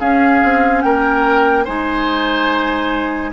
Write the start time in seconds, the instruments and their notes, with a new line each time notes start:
0.00 clarinet C#4, bassoon C#4, oboe G#4, flute F5
0.44 bassoon C4
0.82 bassoon A#3, oboe A#4, flute G5
1.65 bassoon G#3, clarinet D#4, oboe C5, flute G#5